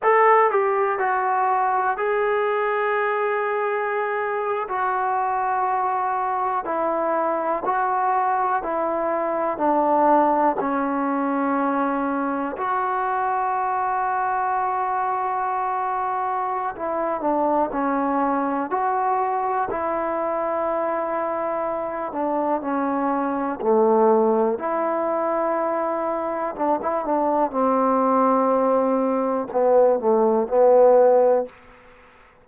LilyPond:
\new Staff \with { instrumentName = "trombone" } { \time 4/4 \tempo 4 = 61 a'8 g'8 fis'4 gis'2~ | gis'8. fis'2 e'4 fis'16~ | fis'8. e'4 d'4 cis'4~ cis'16~ | cis'8. fis'2.~ fis'16~ |
fis'4 e'8 d'8 cis'4 fis'4 | e'2~ e'8 d'8 cis'4 | a4 e'2 d'16 e'16 d'8 | c'2 b8 a8 b4 | }